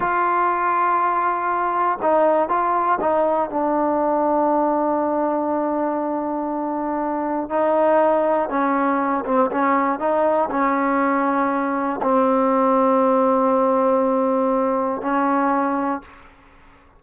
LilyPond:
\new Staff \with { instrumentName = "trombone" } { \time 4/4 \tempo 4 = 120 f'1 | dis'4 f'4 dis'4 d'4~ | d'1~ | d'2. dis'4~ |
dis'4 cis'4. c'8 cis'4 | dis'4 cis'2. | c'1~ | c'2 cis'2 | }